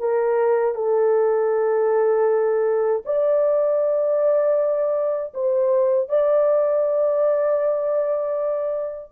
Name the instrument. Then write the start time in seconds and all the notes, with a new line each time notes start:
horn
0.00 A#4
0.75 A4
3.06 D5
5.34 C5
6.09 D5